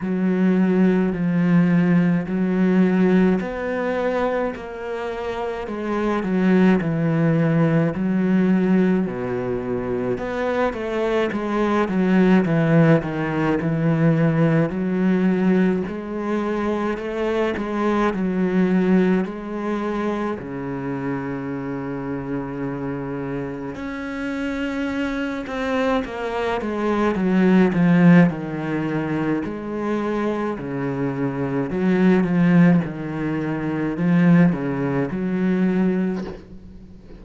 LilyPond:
\new Staff \with { instrumentName = "cello" } { \time 4/4 \tempo 4 = 53 fis4 f4 fis4 b4 | ais4 gis8 fis8 e4 fis4 | b,4 b8 a8 gis8 fis8 e8 dis8 | e4 fis4 gis4 a8 gis8 |
fis4 gis4 cis2~ | cis4 cis'4. c'8 ais8 gis8 | fis8 f8 dis4 gis4 cis4 | fis8 f8 dis4 f8 cis8 fis4 | }